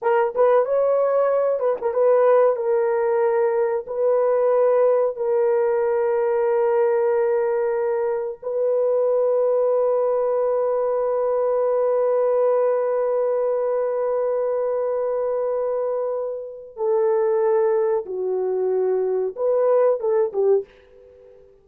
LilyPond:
\new Staff \with { instrumentName = "horn" } { \time 4/4 \tempo 4 = 93 ais'8 b'8 cis''4. b'16 ais'16 b'4 | ais'2 b'2 | ais'1~ | ais'4 b'2.~ |
b'1~ | b'1~ | b'2 a'2 | fis'2 b'4 a'8 g'8 | }